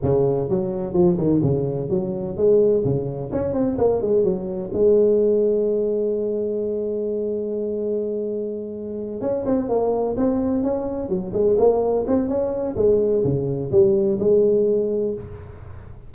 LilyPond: \new Staff \with { instrumentName = "tuba" } { \time 4/4 \tempo 4 = 127 cis4 fis4 f8 dis8 cis4 | fis4 gis4 cis4 cis'8 c'8 | ais8 gis8 fis4 gis2~ | gis1~ |
gis2.~ gis8 cis'8 | c'8 ais4 c'4 cis'4 fis8 | gis8 ais4 c'8 cis'4 gis4 | cis4 g4 gis2 | }